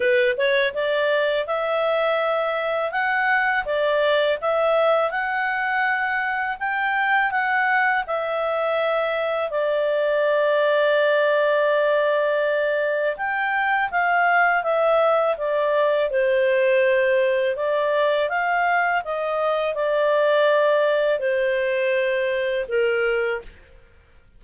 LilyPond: \new Staff \with { instrumentName = "clarinet" } { \time 4/4 \tempo 4 = 82 b'8 cis''8 d''4 e''2 | fis''4 d''4 e''4 fis''4~ | fis''4 g''4 fis''4 e''4~ | e''4 d''2.~ |
d''2 g''4 f''4 | e''4 d''4 c''2 | d''4 f''4 dis''4 d''4~ | d''4 c''2 ais'4 | }